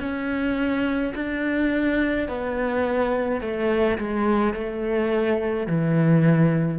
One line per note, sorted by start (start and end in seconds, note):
0.00 1.13 C#4
1.15 2.28 D4
2.28 3.42 B3
3.42 3.98 A3
3.99 4.54 G#3
4.54 5.68 A3
5.68 6.79 E3